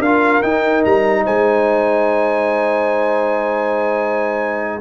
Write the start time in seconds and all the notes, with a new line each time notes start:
0.00 D4 F4 A#4 F5
0.43 D#4 G5
0.85 G3 A#5
1.24 G#3 C5 G#5